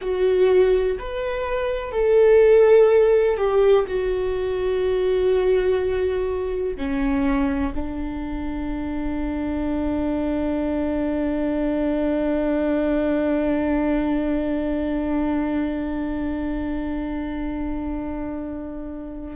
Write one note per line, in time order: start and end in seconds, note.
0.01 0.98 F#4
0.99 1.91 B4
1.91 3.37 A4
3.37 3.85 G4
3.87 6.76 F#4
6.76 7.73 C#4
7.74 19.35 D4